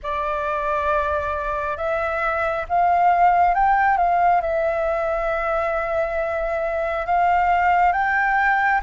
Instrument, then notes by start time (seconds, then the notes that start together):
flute
0.02 D5
1.77 E5
2.69 F5
3.54 G5
3.97 F5
4.41 E5
7.06 F5
7.92 G5